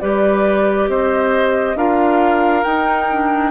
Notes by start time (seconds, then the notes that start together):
0.00 G3 G4 B4 D5
0.89 C4 C5 D#5
1.75 D4 F4 A#4 F5
2.64 D#4 G5
3.12 D4